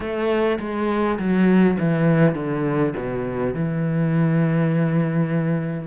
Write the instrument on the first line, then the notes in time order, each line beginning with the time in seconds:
cello
0.00 A3
0.59 G#3
1.18 F#3
1.79 E3
2.35 D3
2.96 B2
3.53 E3